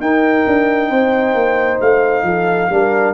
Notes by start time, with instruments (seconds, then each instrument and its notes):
0.00 tuba D#4, trombone D#4, horn A#4, trumpet G5
0.46 tuba D4
0.90 tuba C4, horn C5
1.34 tuba A#3
1.81 tuba A3, trumpet F5
2.23 tuba F3, horn A4
2.70 tuba G3, trombone D4, horn A#4